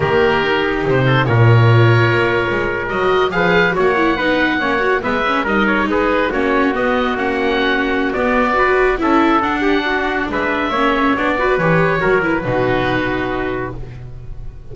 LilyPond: <<
  \new Staff \with { instrumentName = "oboe" } { \time 4/4 \tempo 4 = 140 ais'2 c''4 cis''4~ | cis''2~ cis''8. dis''4 f''16~ | f''8. fis''2. e''16~ | e''8. dis''8 cis''8 b'4 cis''4 dis''16~ |
dis''8. fis''2~ fis''16 d''4~ | d''4 e''4 fis''2 | e''2 d''4 cis''4~ | cis''8 b'2.~ b'8 | }
  \new Staff \with { instrumentName = "trumpet" } { \time 4/4 g'2~ g'8 a'8 ais'4~ | ais'2.~ ais'8. b'16~ | b'8. cis''4 b'4 cis''4 b'16~ | b'8. ais'4 gis'4 fis'4~ fis'16~ |
fis'1 | b'4 a'4. g'8 fis'4 | b'4 cis''4. b'4. | ais'4 fis'2. | }
  \new Staff \with { instrumentName = "viola" } { \time 4/4 ais4 dis'2 f'4~ | f'2~ f'8. fis'4 gis'16~ | gis'8. fis'8 e'8 dis'4 cis'8 fis'8 b16~ | b16 cis'8 dis'2 cis'4 b16~ |
b8. cis'2~ cis'16 b4 | fis'4 e'4 d'2~ | d'4 cis'4 d'8 fis'8 g'4 | fis'8 e'8 dis'2. | }
  \new Staff \with { instrumentName = "double bass" } { \time 4/4 dis2 c4 ais,4~ | ais,4 ais8. gis4 fis4 f16~ | f8. ais4 b4 ais4 gis16~ | gis8. g4 gis4 ais4 b16~ |
b8. ais2~ ais16 b4~ | b4 cis'4 d'2 | gis4 ais4 b4 e4 | fis4 b,2. | }
>>